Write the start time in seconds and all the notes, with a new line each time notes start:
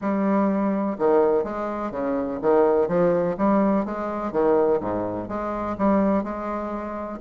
0.01 G3
0.98 D#3
1.44 G#3
1.91 C#3
2.41 D#3
2.88 F3
3.37 G3
3.85 G#3
4.32 D#3
4.80 G#2
5.28 G#3
5.78 G3
6.23 G#3